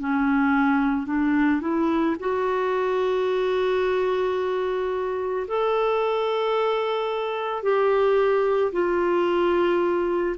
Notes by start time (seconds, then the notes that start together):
0.00 C#4
1.07 D4
1.62 E4
2.20 F#4
5.48 A4
7.63 G4
8.72 F4